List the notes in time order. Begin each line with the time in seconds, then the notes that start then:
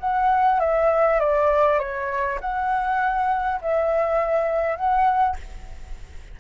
0.00 F#5
0.60 E5
1.20 D5
1.79 C#5
2.41 F#5
3.62 E5
4.77 F#5